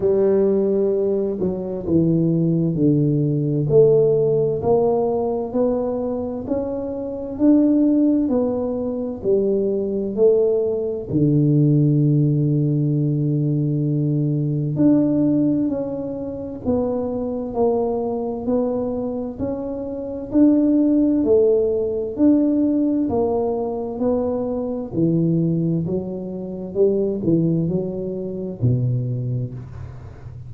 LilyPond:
\new Staff \with { instrumentName = "tuba" } { \time 4/4 \tempo 4 = 65 g4. fis8 e4 d4 | a4 ais4 b4 cis'4 | d'4 b4 g4 a4 | d1 |
d'4 cis'4 b4 ais4 | b4 cis'4 d'4 a4 | d'4 ais4 b4 e4 | fis4 g8 e8 fis4 b,4 | }